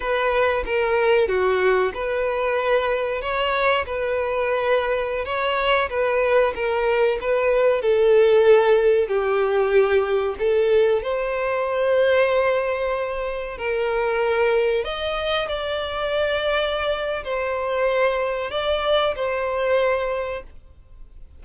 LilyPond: \new Staff \with { instrumentName = "violin" } { \time 4/4 \tempo 4 = 94 b'4 ais'4 fis'4 b'4~ | b'4 cis''4 b'2~ | b'16 cis''4 b'4 ais'4 b'8.~ | b'16 a'2 g'4.~ g'16~ |
g'16 a'4 c''2~ c''8.~ | c''4~ c''16 ais'2 dis''8.~ | dis''16 d''2~ d''8. c''4~ | c''4 d''4 c''2 | }